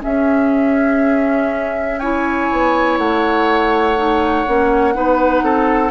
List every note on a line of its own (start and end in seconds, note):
0.00 1.97 C#4
0.00 2.51 C#4
0.00 1.99 G#4
0.00 1.99 E5
1.99 3.97 E4
1.99 4.94 C#5
1.99 2.98 G#5
2.52 2.98 B3
2.98 4.46 A3
2.98 5.91 F#5
3.97 4.46 D#4
4.46 4.97 A#3
4.46 4.94 C#4
4.94 5.42 B3
4.94 5.91 D#4
4.94 5.44 B4
5.42 5.91 C4
5.42 5.91 A4